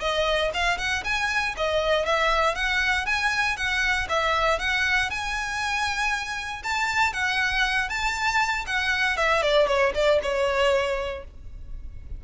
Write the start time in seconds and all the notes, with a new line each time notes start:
0.00 D#5
0.54 F5
0.78 F#5
1.04 G#5
1.57 D#5
2.05 E5
2.55 F#5
3.06 G#5
3.56 F#5
4.09 E5
4.59 F#5
5.10 G#5
6.63 A5
7.13 F#5
7.89 A5
8.66 F#5
9.17 E5
9.42 D5
9.67 C#5
9.94 D5
10.22 C#5